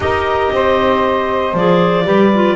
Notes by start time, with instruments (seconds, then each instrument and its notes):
0.00 double bass D#4, clarinet G4 D#5, saxophone A#4
0.52 double bass C4, saxophone C5
1.53 double bass F3, clarinet G#4 D5
2.04 double bass G3, clarinet G4, saxophone B4
2.34 clarinet F4